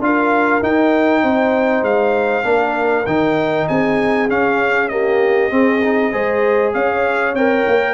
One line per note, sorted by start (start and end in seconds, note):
0.00 0.61 D4
0.00 0.62 F4
0.00 1.23 A#4
0.00 0.63 F5
0.62 2.43 D#4
0.62 1.23 D#4
0.62 1.84 G5
1.23 1.83 C4
1.23 2.46 C5
1.83 2.44 G#3
1.83 3.06 F5
2.43 3.06 A#3
2.43 3.04 D4
2.43 3.68 A#4
3.06 3.68 D#3
3.06 4.29 D#4
3.06 3.67 G5
3.68 4.29 C4
3.68 4.91 G#4
3.68 4.29 G#5
4.29 4.90 C#4
4.29 5.52 C#4
4.29 4.89 F5
4.89 5.50 A#3
4.89 5.51 G4
4.89 6.72 D#5
5.50 5.81 C4
5.50 6.13 C4
5.50 6.12 G#4
5.84 6.12 D#4
6.12 6.74 G#3
6.12 7.35 G#4
6.12 6.73 C5
6.74 7.33 C#4
6.74 7.94 C#5
6.74 7.35 F5
7.33 7.64 C4
7.33 7.94 A#4
7.33 7.94 G5
7.67 7.94 A#3